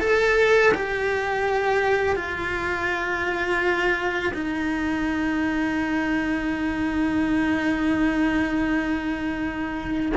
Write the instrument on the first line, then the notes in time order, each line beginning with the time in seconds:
cello
0.00 A4
0.74 G4
2.16 F4
4.33 D#4